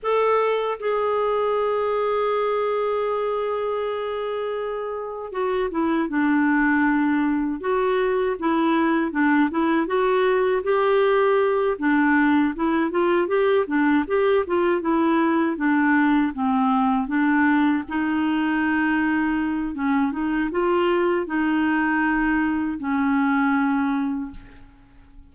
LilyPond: \new Staff \with { instrumentName = "clarinet" } { \time 4/4 \tempo 4 = 79 a'4 gis'2.~ | gis'2. fis'8 e'8 | d'2 fis'4 e'4 | d'8 e'8 fis'4 g'4. d'8~ |
d'8 e'8 f'8 g'8 d'8 g'8 f'8 e'8~ | e'8 d'4 c'4 d'4 dis'8~ | dis'2 cis'8 dis'8 f'4 | dis'2 cis'2 | }